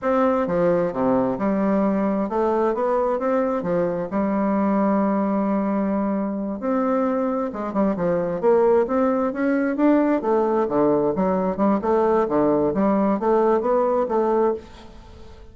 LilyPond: \new Staff \with { instrumentName = "bassoon" } { \time 4/4 \tempo 4 = 132 c'4 f4 c4 g4~ | g4 a4 b4 c'4 | f4 g2.~ | g2~ g8 c'4.~ |
c'8 gis8 g8 f4 ais4 c'8~ | c'8 cis'4 d'4 a4 d8~ | d8 fis4 g8 a4 d4 | g4 a4 b4 a4 | }